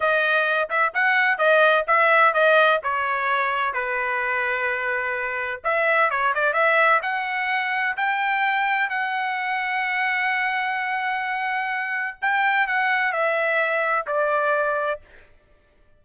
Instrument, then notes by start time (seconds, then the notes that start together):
trumpet
0.00 D#5
0.69 E5
0.94 F#5
1.38 D#5
1.87 E5
2.33 D#5
2.83 C#5
3.73 B4
5.64 E5
6.10 C#5
6.34 D5
6.53 E5
7.02 F#5
7.97 G5
8.89 F#5
12.21 G5
12.67 F#5
13.12 E5
14.06 D5